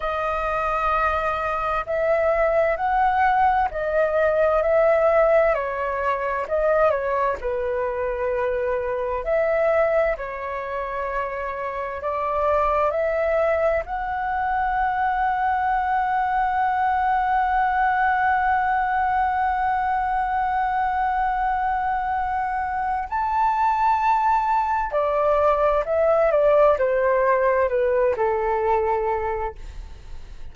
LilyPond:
\new Staff \with { instrumentName = "flute" } { \time 4/4 \tempo 4 = 65 dis''2 e''4 fis''4 | dis''4 e''4 cis''4 dis''8 cis''8 | b'2 e''4 cis''4~ | cis''4 d''4 e''4 fis''4~ |
fis''1~ | fis''1~ | fis''4 a''2 d''4 | e''8 d''8 c''4 b'8 a'4. | }